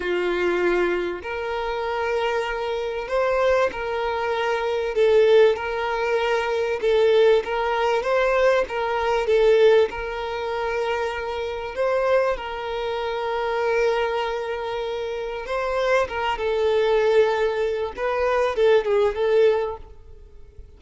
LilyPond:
\new Staff \with { instrumentName = "violin" } { \time 4/4 \tempo 4 = 97 f'2 ais'2~ | ais'4 c''4 ais'2 | a'4 ais'2 a'4 | ais'4 c''4 ais'4 a'4 |
ais'2. c''4 | ais'1~ | ais'4 c''4 ais'8 a'4.~ | a'4 b'4 a'8 gis'8 a'4 | }